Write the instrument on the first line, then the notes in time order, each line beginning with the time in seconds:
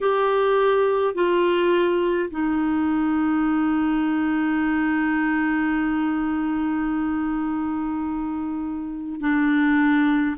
clarinet
0.00 G4
1.14 F4
2.30 D#4
9.20 D4